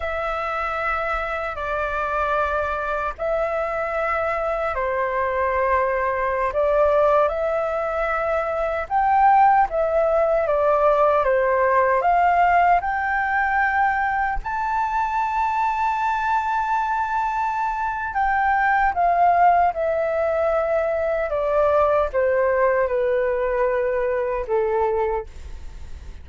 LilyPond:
\new Staff \with { instrumentName = "flute" } { \time 4/4 \tempo 4 = 76 e''2 d''2 | e''2 c''2~ | c''16 d''4 e''2 g''8.~ | g''16 e''4 d''4 c''4 f''8.~ |
f''16 g''2 a''4.~ a''16~ | a''2. g''4 | f''4 e''2 d''4 | c''4 b'2 a'4 | }